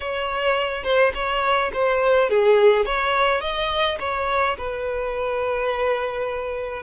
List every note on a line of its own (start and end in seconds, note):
0.00 0.83 C#5
0.83 1.12 C5
1.14 1.71 C#5
1.73 2.29 C5
2.29 2.85 G#4
2.85 3.40 C#5
3.40 3.97 D#5
3.99 4.56 C#5
4.57 6.82 B4